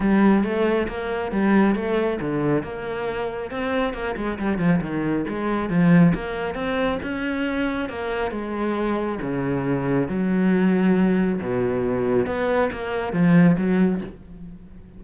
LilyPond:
\new Staff \with { instrumentName = "cello" } { \time 4/4 \tempo 4 = 137 g4 a4 ais4 g4 | a4 d4 ais2 | c'4 ais8 gis8 g8 f8 dis4 | gis4 f4 ais4 c'4 |
cis'2 ais4 gis4~ | gis4 cis2 fis4~ | fis2 b,2 | b4 ais4 f4 fis4 | }